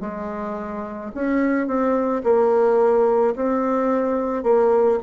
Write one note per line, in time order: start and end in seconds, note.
0.00 1.11 G#3
1.14 1.67 C#4
1.67 2.22 C4
2.23 3.34 A#3
3.35 4.43 C4
4.43 4.98 A#3